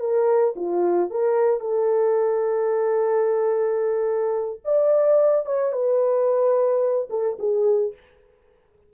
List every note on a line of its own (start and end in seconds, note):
0.00 0.55 A#4
0.56 1.10 F4
1.10 1.61 A#4
1.61 4.61 A4
4.65 5.46 D5
5.46 5.72 C#5
5.72 7.09 B4
7.10 7.38 A4
7.39 7.94 G#4